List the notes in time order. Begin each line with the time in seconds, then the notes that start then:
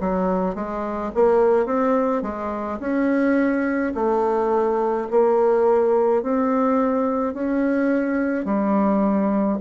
0.00 F#3
0.55 G#3
1.14 A#3
1.65 C4
2.22 G#3
2.79 C#4
3.94 A3
5.10 A#3
6.23 C4
7.33 C#4
8.44 G3